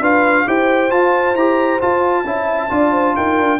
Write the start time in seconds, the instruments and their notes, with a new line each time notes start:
0.00 tuba D4, trombone F4, horn B4, trumpet F5
0.47 tuba E4, trombone G4, horn C5, trumpet G5
0.90 trombone F4, tuba F4, trumpet A5
1.35 tuba E4, trombone G4, trumpet A#5
1.80 trombone F4, tuba F4, trumpet A5
2.24 tuba C#4, trombone E4, horn E5
2.69 tuba D4, trombone F4, horn D5
2.91 horn C5
3.16 tuba D#4, horn A#4, trumpet G5
3.39 tuba D4